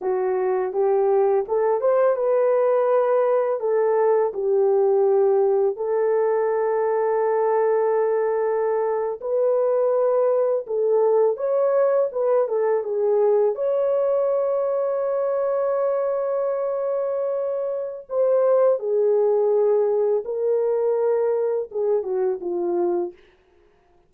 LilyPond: \new Staff \with { instrumentName = "horn" } { \time 4/4 \tempo 4 = 83 fis'4 g'4 a'8 c''8 b'4~ | b'4 a'4 g'2 | a'1~ | a'8. b'2 a'4 cis''16~ |
cis''8. b'8 a'8 gis'4 cis''4~ cis''16~ | cis''1~ | cis''4 c''4 gis'2 | ais'2 gis'8 fis'8 f'4 | }